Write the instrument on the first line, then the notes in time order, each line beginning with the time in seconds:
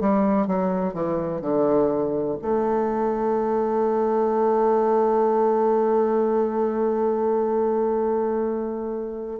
bassoon
0.00 G3
0.47 F#3
0.94 E3
1.41 D3
2.42 A3